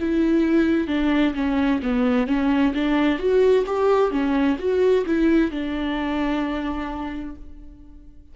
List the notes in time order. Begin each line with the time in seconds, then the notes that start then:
0.00 E4
0.88 D4
1.35 C#4
1.83 B3
2.27 C#4
2.74 D4
3.19 F#4
3.67 G4
4.11 C#4
4.59 F#4
5.06 E4
5.51 D4